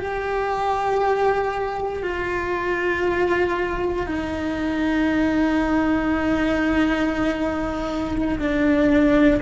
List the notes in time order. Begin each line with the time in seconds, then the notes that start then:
0.00 G4
2.03 F4
4.07 D#4
8.39 D4